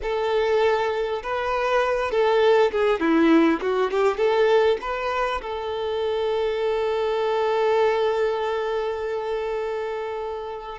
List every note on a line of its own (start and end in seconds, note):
0.02 1.22 A4
1.22 2.11 B4
2.11 2.71 A4
2.71 3.00 G#4
3.00 3.60 E4
3.61 3.91 F#4
3.91 4.17 G4
4.17 4.77 A4
4.81 5.41 B4
5.41 10.78 A4